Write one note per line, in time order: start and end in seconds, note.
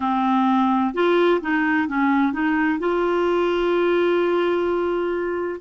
0.00 0.94 C4
0.94 1.41 F4
1.41 1.87 D#4
1.87 2.32 C#4
2.32 2.79 D#4
2.79 5.60 F4